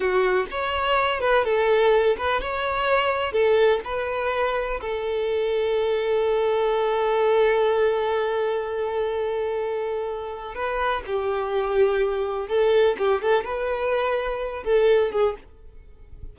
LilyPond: \new Staff \with { instrumentName = "violin" } { \time 4/4 \tempo 4 = 125 fis'4 cis''4. b'8 a'4~ | a'8 b'8 cis''2 a'4 | b'2 a'2~ | a'1~ |
a'1~ | a'2 b'4 g'4~ | g'2 a'4 g'8 a'8 | b'2~ b'8 a'4 gis'8 | }